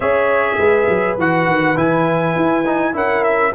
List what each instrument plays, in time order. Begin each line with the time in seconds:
0.00 tuba C#4, trombone G#4, horn C#5, trumpet E5
0.58 tuba G#3, horn B4
0.88 tuba F#3
1.17 tuba E3, trombone F#4, trumpet F#5
1.46 tuba D#3
1.76 tuba E3, trombone E4, trumpet G#5
2.35 tuba E4
2.66 trombone D#4
2.93 tuba C#4, trombone E4, horn A#4, trumpet F#5
3.23 trumpet E5